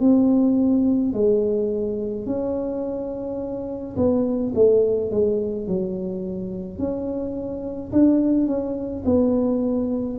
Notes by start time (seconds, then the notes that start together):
0.00 C4
1.13 G#3
2.26 C#4
3.96 B3
4.55 A3
5.10 G#3
5.67 F#3
6.78 C#4
7.92 D4
8.47 C#4
9.05 B3